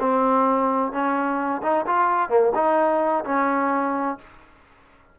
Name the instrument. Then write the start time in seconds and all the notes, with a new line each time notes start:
trombone
0.00 C4
0.92 C#4
1.63 D#4
1.87 F4
2.29 A#3
2.55 D#4
3.25 C#4